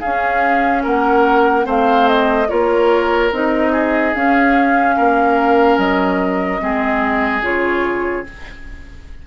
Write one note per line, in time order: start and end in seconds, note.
0.00 0.85 C#4
0.00 1.64 C#4
0.00 0.82 G#4
0.00 0.82 F5
0.83 1.66 A#3
0.83 1.65 A#4
0.83 1.67 F#5
1.64 2.48 A3
1.64 2.46 C4
1.64 2.48 C5
1.64 2.08 F5
2.08 2.49 D#5
2.48 3.32 A#3
2.48 3.31 F4
2.48 3.72 A#4
2.48 3.31 C#5
3.32 4.14 C4
3.32 4.15 D#4
3.32 4.14 D#5
3.72 4.95 G#4
4.14 6.59 C#4
4.14 4.97 C#4
4.14 5.78 F5
4.96 5.77 A#3
4.96 6.61 A#4
5.77 6.60 F#3
5.77 7.43 D#5
6.59 7.42 G#3
6.59 7.41 C4
6.59 8.27 G#4
7.42 8.24 C#3
7.42 8.24 F4
7.42 8.26 C#5